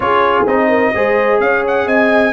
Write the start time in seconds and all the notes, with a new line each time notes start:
0.00 C#4 F4 G#4 C#5
0.46 C4 D#4 D#5
0.68 A#4
0.94 G#3 G#4 C5
1.40 C#4 C#5 F5
1.67 F#5
1.86 C4 D#5 G#5